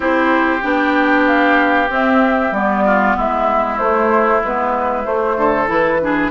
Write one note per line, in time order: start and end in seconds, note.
0.00 0.62 C4
0.00 0.59 E4
0.00 2.83 G4
0.00 0.62 C5
0.62 1.89 B3
0.62 1.88 D4
0.62 1.25 G5
1.26 1.89 F5
1.88 2.51 C4
1.88 2.53 E5
2.51 3.14 G3
2.51 3.79 B3
2.51 3.17 D5
2.85 3.16 F4
3.16 3.78 G#3
3.16 5.37 E4
3.16 3.78 E5
3.78 4.41 A3
3.78 4.43 A3
3.78 4.41 C5
4.43 5.05 G#3
4.43 5.03 B3
4.43 5.05 B4
5.03 5.66 A3
5.03 5.36 A3
5.03 5.69 C5
5.36 5.68 D3
5.36 6.01 A4
5.66 6.31 E3
5.66 5.98 E4
5.66 6.31 B4
6.01 6.31 D4
6.01 6.31 G#4